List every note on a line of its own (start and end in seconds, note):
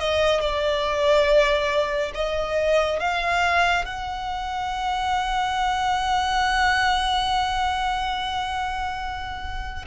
0.00 0.41 D#5
0.41 2.12 D5
2.15 3.00 D#5
3.00 3.86 F5
3.86 9.86 F#5